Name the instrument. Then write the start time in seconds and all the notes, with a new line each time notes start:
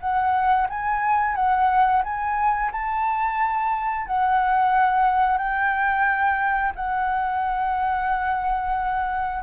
flute
0.00 F#5
0.69 G#5
1.35 F#5
2.04 G#5
2.72 A5
4.06 F#5
5.38 G5
6.75 F#5